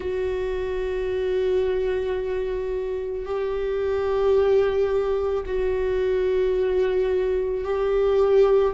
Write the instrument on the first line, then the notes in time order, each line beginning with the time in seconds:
viola
0.00 F#4
3.25 G4
5.45 F#4
7.64 G4